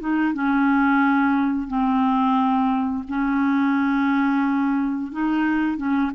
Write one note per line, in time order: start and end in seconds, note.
0.00 0.34 D#4
0.34 1.68 C#4
1.68 3.04 C4
3.08 5.12 C#4
5.12 5.77 D#4
5.77 6.11 C#4